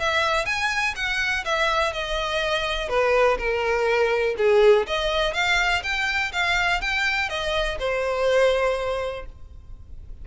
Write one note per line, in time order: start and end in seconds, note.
0.00 0.46 E5
0.46 0.94 G#5
0.96 1.45 F#5
1.45 1.93 E5
1.93 2.89 D#5
2.89 3.38 B4
3.38 4.36 A#4
4.38 4.87 G#4
4.87 5.34 D#5
5.34 5.83 F5
5.83 6.32 G5
6.32 6.81 F5
6.81 7.29 G5
7.29 7.78 D#5
7.79 9.26 C5